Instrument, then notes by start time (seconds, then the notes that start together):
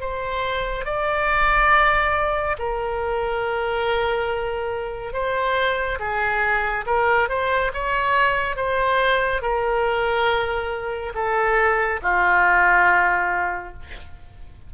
oboe
0.00 C5
0.85 D5
2.59 A#4
5.13 C5
5.99 G#4
6.86 A#4
7.29 C5
7.73 C#5
8.56 C5
9.42 A#4
11.15 A4
12.02 F4